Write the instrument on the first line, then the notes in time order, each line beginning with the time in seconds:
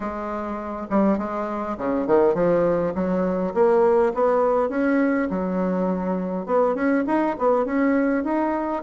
bassoon
0.00 G#3
0.90 G3
1.18 G#3
1.77 C#3
2.06 D#3
2.34 F3
2.94 F#3
3.53 A#3
4.14 B3
4.69 C#4
5.30 F#3
6.45 B3
6.74 C#4
7.06 D#4
7.38 B3
7.65 C#4
8.24 D#4